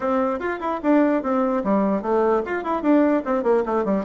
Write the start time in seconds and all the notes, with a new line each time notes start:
0.00 C4
0.39 F4
0.60 E4
0.82 D4
1.22 C4
1.64 G3
2.01 A3
2.45 F4
2.63 E4
2.82 D4
3.25 C4
3.43 A#3
3.65 A3
3.84 G3